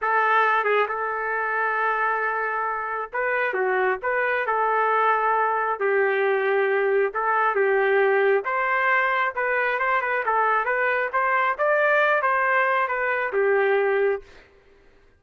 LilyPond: \new Staff \with { instrumentName = "trumpet" } { \time 4/4 \tempo 4 = 135 a'4. gis'8 a'2~ | a'2. b'4 | fis'4 b'4 a'2~ | a'4 g'2. |
a'4 g'2 c''4~ | c''4 b'4 c''8 b'8 a'4 | b'4 c''4 d''4. c''8~ | c''4 b'4 g'2 | }